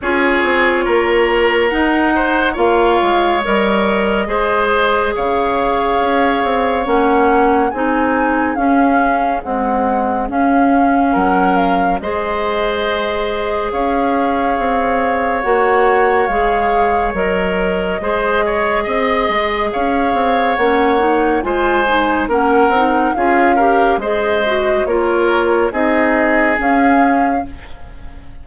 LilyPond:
<<
  \new Staff \with { instrumentName = "flute" } { \time 4/4 \tempo 4 = 70 cis''2 fis''4 f''4 | dis''2 f''2 | fis''4 gis''4 f''4 fis''4 | f''4 fis''8 f''8 dis''2 |
f''2 fis''4 f''4 | dis''2. f''4 | fis''4 gis''4 fis''4 f''4 | dis''4 cis''4 dis''4 f''4 | }
  \new Staff \with { instrumentName = "oboe" } { \time 4/4 gis'4 ais'4. c''8 cis''4~ | cis''4 c''4 cis''2~ | cis''4 gis'2.~ | gis'4 ais'4 c''2 |
cis''1~ | cis''4 c''8 cis''8 dis''4 cis''4~ | cis''4 c''4 ais'4 gis'8 ais'8 | c''4 ais'4 gis'2 | }
  \new Staff \with { instrumentName = "clarinet" } { \time 4/4 f'2 dis'4 f'4 | ais'4 gis'2. | cis'4 dis'4 cis'4 gis4 | cis'2 gis'2~ |
gis'2 fis'4 gis'4 | ais'4 gis'2. | cis'8 dis'8 f'8 dis'8 cis'8 dis'8 f'8 g'8 | gis'8 fis'8 f'4 dis'4 cis'4 | }
  \new Staff \with { instrumentName = "bassoon" } { \time 4/4 cis'8 c'8 ais4 dis'4 ais8 gis8 | g4 gis4 cis4 cis'8 c'8 | ais4 c'4 cis'4 c'4 | cis'4 fis4 gis2 |
cis'4 c'4 ais4 gis4 | fis4 gis4 c'8 gis8 cis'8 c'8 | ais4 gis4 ais8 c'8 cis'4 | gis4 ais4 c'4 cis'4 | }
>>